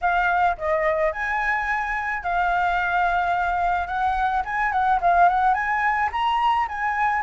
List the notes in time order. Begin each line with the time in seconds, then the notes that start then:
0.01 F5
0.57 D#5
1.12 G#5
2.23 F5
3.87 F#5
4.44 G#5
4.71 F#5
5.01 F5
5.28 F#5
5.54 G#5
6.12 A#5
6.68 G#5